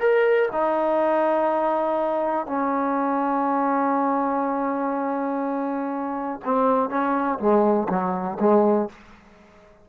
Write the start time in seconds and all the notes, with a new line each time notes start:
0.00 A#4
0.53 D#4
2.47 C#4
6.45 C4
6.89 C#4
7.39 G#3
7.89 F#3
8.40 G#3